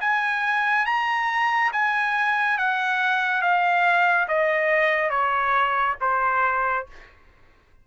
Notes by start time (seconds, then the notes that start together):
0.00 G#5
0.85 A#5
1.72 G#5
2.58 F#5
3.41 F5
4.28 D#5
5.10 C#5
6.00 C5